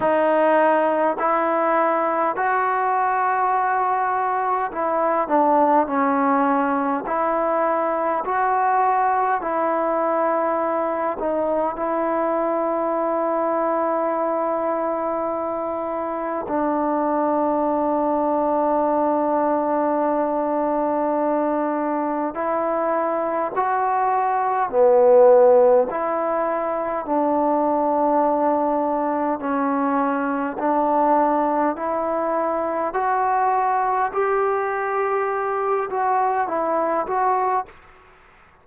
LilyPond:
\new Staff \with { instrumentName = "trombone" } { \time 4/4 \tempo 4 = 51 dis'4 e'4 fis'2 | e'8 d'8 cis'4 e'4 fis'4 | e'4. dis'8 e'2~ | e'2 d'2~ |
d'2. e'4 | fis'4 b4 e'4 d'4~ | d'4 cis'4 d'4 e'4 | fis'4 g'4. fis'8 e'8 fis'8 | }